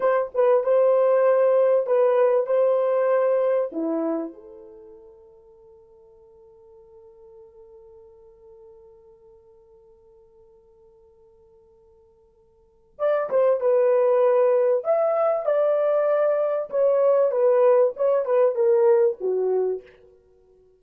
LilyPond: \new Staff \with { instrumentName = "horn" } { \time 4/4 \tempo 4 = 97 c''8 b'8 c''2 b'4 | c''2 e'4 a'4~ | a'1~ | a'1~ |
a'1~ | a'4 d''8 c''8 b'2 | e''4 d''2 cis''4 | b'4 cis''8 b'8 ais'4 fis'4 | }